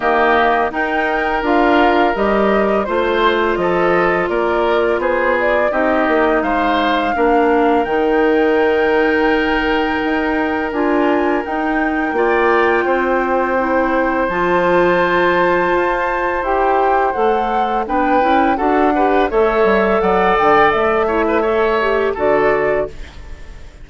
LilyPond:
<<
  \new Staff \with { instrumentName = "flute" } { \time 4/4 \tempo 4 = 84 dis''4 g''4 f''4 dis''4 | c''4 dis''4 d''4 c''8 d''8 | dis''4 f''2 g''4~ | g''2. gis''4 |
g''1 | a''2. g''4 | fis''4 g''4 fis''4 e''4 | fis''8 g''8 e''2 d''4 | }
  \new Staff \with { instrumentName = "oboe" } { \time 4/4 g'4 ais'2. | c''4 a'4 ais'4 gis'4 | g'4 c''4 ais'2~ | ais'1~ |
ais'4 d''4 c''2~ | c''1~ | c''4 b'4 a'8 b'8 cis''4 | d''4. cis''16 b'16 cis''4 a'4 | }
  \new Staff \with { instrumentName = "clarinet" } { \time 4/4 ais4 dis'4 f'4 g'4 | f'1 | dis'2 d'4 dis'4~ | dis'2. f'4 |
dis'4 f'2 e'4 | f'2. g'4 | a'4 d'8 e'8 fis'8 g'8 a'4~ | a'4. e'8 a'8 g'8 fis'4 | }
  \new Staff \with { instrumentName = "bassoon" } { \time 4/4 dis4 dis'4 d'4 g4 | a4 f4 ais4 b4 | c'8 ais8 gis4 ais4 dis4~ | dis2 dis'4 d'4 |
dis'4 ais4 c'2 | f2 f'4 e'4 | a4 b8 cis'8 d'4 a8 g8 | fis8 d8 a2 d4 | }
>>